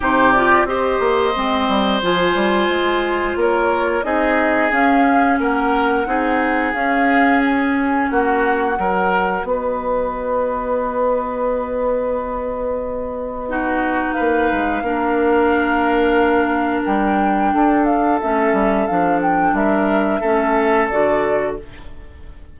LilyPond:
<<
  \new Staff \with { instrumentName = "flute" } { \time 4/4 \tempo 4 = 89 c''8 d''8 dis''2 gis''4~ | gis''4 cis''4 dis''4 f''4 | fis''2 f''4 gis''4 | fis''2 dis''2~ |
dis''1~ | dis''4 f''2.~ | f''4 g''4. f''8 e''4 | f''8 g''8 e''2 d''4 | }
  \new Staff \with { instrumentName = "oboe" } { \time 4/4 g'4 c''2.~ | c''4 ais'4 gis'2 | ais'4 gis'2. | fis'4 ais'4 b'2~ |
b'1 | fis'4 b'4 ais'2~ | ais'2 a'2~ | a'4 ais'4 a'2 | }
  \new Staff \with { instrumentName = "clarinet" } { \time 4/4 dis'8 f'8 g'4 c'4 f'4~ | f'2 dis'4 cis'4~ | cis'4 dis'4 cis'2~ | cis'4 fis'2.~ |
fis'1 | dis'2 d'2~ | d'2. cis'4 | d'2 cis'4 fis'4 | }
  \new Staff \with { instrumentName = "bassoon" } { \time 4/4 c4 c'8 ais8 gis8 g8 f8 g8 | gis4 ais4 c'4 cis'4 | ais4 c'4 cis'2 | ais4 fis4 b2~ |
b1~ | b4 ais8 gis8 ais2~ | ais4 g4 d'4 a8 g8 | f4 g4 a4 d4 | }
>>